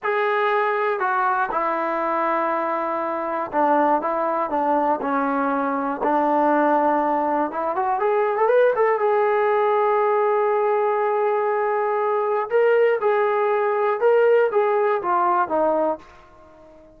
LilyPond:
\new Staff \with { instrumentName = "trombone" } { \time 4/4 \tempo 4 = 120 gis'2 fis'4 e'4~ | e'2. d'4 | e'4 d'4 cis'2 | d'2. e'8 fis'8 |
gis'8. a'16 b'8 a'8 gis'2~ | gis'1~ | gis'4 ais'4 gis'2 | ais'4 gis'4 f'4 dis'4 | }